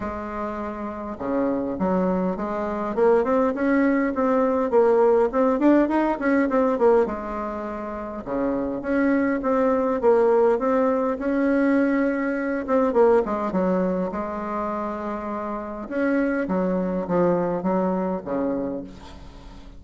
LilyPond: \new Staff \with { instrumentName = "bassoon" } { \time 4/4 \tempo 4 = 102 gis2 cis4 fis4 | gis4 ais8 c'8 cis'4 c'4 | ais4 c'8 d'8 dis'8 cis'8 c'8 ais8 | gis2 cis4 cis'4 |
c'4 ais4 c'4 cis'4~ | cis'4. c'8 ais8 gis8 fis4 | gis2. cis'4 | fis4 f4 fis4 cis4 | }